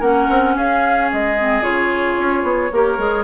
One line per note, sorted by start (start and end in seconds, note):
0.00 0.28 A#3
0.00 1.36 C#4
0.00 0.54 A#4
0.00 0.56 F#5
0.29 0.56 C4
0.56 1.10 C#4
0.56 2.72 G#4
0.56 1.11 F5
1.12 1.61 G#3
1.12 1.63 D#5
1.38 1.62 C4
1.61 2.16 C#3
1.61 2.70 F4
1.61 3.24 C#5
2.18 2.43 C#4
2.43 2.70 B3
2.72 2.98 A#3
2.72 2.98 G4
2.72 3.24 A#4
2.98 3.24 G#3
2.98 3.24 G#4